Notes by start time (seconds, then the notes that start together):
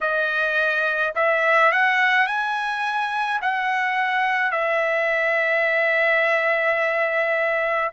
0.00 D#5
1.15 E5
1.72 F#5
2.26 G#5
3.41 F#5
4.51 E5